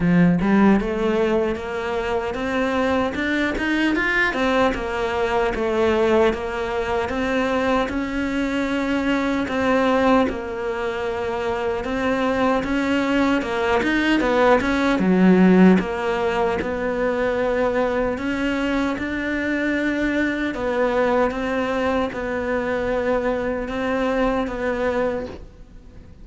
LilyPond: \new Staff \with { instrumentName = "cello" } { \time 4/4 \tempo 4 = 76 f8 g8 a4 ais4 c'4 | d'8 dis'8 f'8 c'8 ais4 a4 | ais4 c'4 cis'2 | c'4 ais2 c'4 |
cis'4 ais8 dis'8 b8 cis'8 fis4 | ais4 b2 cis'4 | d'2 b4 c'4 | b2 c'4 b4 | }